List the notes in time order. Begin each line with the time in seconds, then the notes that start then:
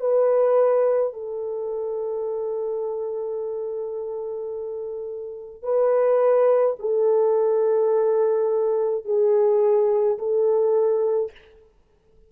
0.00 B4
1.13 A4
5.63 B4
6.79 A4
9.05 G#4
10.18 A4